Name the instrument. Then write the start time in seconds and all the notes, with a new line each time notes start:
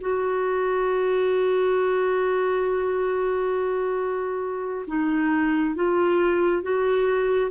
clarinet
0.00 F#4
4.87 D#4
5.75 F4
6.62 F#4